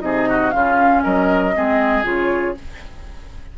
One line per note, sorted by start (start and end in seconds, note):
0.00 0.53 C3
0.00 0.51 D#4
0.00 0.29 G#4
0.00 0.50 D#5
0.29 0.54 F#4
0.50 1.05 C#3
0.50 1.54 C#4
0.50 1.03 F4
0.50 1.01 F5
1.03 1.56 F#3
1.03 1.54 A#4
1.03 2.05 D#5
1.54 2.03 G#3
1.54 2.03 C4
1.54 2.58 G#4
2.03 2.54 C#3
2.03 2.54 F4
2.03 2.57 C#5